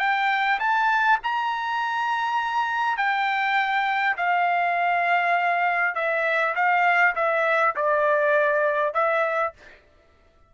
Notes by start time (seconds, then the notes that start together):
0.00 G5
0.60 A5
1.24 A#5
2.98 G5
4.17 F5
5.96 E5
6.56 F5
7.16 E5
7.76 D5
8.95 E5